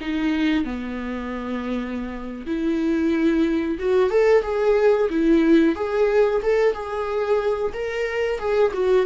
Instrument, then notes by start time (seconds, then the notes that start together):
viola
0.00 D#4
0.64 B3
2.46 E4
3.79 F#4
4.10 A4
4.42 G#4
5.09 E4
5.75 G#4
6.42 A4
6.73 G#4
7.73 A#4
8.39 G#4
8.73 F#4